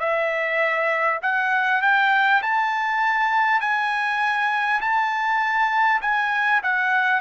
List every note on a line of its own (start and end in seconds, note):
0.00 1.20 E5
1.22 1.82 F#5
1.82 2.42 G5
2.42 3.61 A5
3.61 4.81 G#5
4.82 6.02 A5
6.02 6.62 G#5
6.63 7.21 F#5